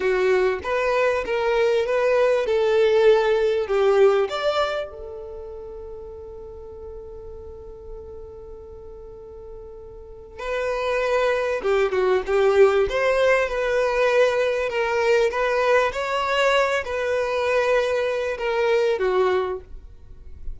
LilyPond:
\new Staff \with { instrumentName = "violin" } { \time 4/4 \tempo 4 = 98 fis'4 b'4 ais'4 b'4 | a'2 g'4 d''4 | a'1~ | a'1~ |
a'4 b'2 g'8 fis'8 | g'4 c''4 b'2 | ais'4 b'4 cis''4. b'8~ | b'2 ais'4 fis'4 | }